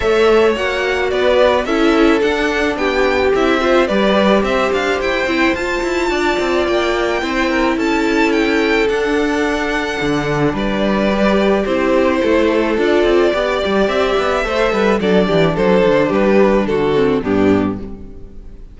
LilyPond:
<<
  \new Staff \with { instrumentName = "violin" } { \time 4/4 \tempo 4 = 108 e''4 fis''4 d''4 e''4 | fis''4 g''4 e''4 d''4 | e''8 f''8 g''4 a''2 | g''2 a''4 g''4 |
fis''2. d''4~ | d''4 c''2 d''4~ | d''4 e''2 d''4 | c''4 b'4 a'4 g'4 | }
  \new Staff \with { instrumentName = "violin" } { \time 4/4 cis''2 b'4 a'4~ | a'4 g'4. c''8 b'4 | c''2. d''4~ | d''4 c''8 ais'8 a'2~ |
a'2. b'4~ | b'4 g'4 a'2 | d''2 c''8 b'8 a'8 g'8 | a'4 g'4 fis'4 d'4 | }
  \new Staff \with { instrumentName = "viola" } { \time 4/4 a'4 fis'2 e'4 | d'2 e'8 f'8 g'4~ | g'4. e'8 f'2~ | f'4 e'2. |
d'1 | g'4 e'2 f'4 | g'2 a'4 d'4~ | d'2~ d'8 c'8 b4 | }
  \new Staff \with { instrumentName = "cello" } { \time 4/4 a4 ais4 b4 cis'4 | d'4 b4 c'4 g4 | c'8 d'8 e'8 c'8 f'8 e'8 d'8 c'8 | ais4 c'4 cis'2 |
d'2 d4 g4~ | g4 c'4 a4 d'8 c'8 | b8 g8 c'8 b8 a8 g8 fis8 e8 | fis8 d8 g4 d4 g,4 | }
>>